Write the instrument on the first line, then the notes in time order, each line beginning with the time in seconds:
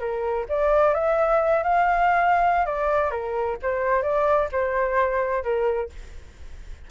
flute
0.00 A#4
0.49 D5
0.94 E5
1.64 F5
2.66 D5
3.11 A#4
3.63 C5
4.03 D5
4.52 C5
5.44 A#4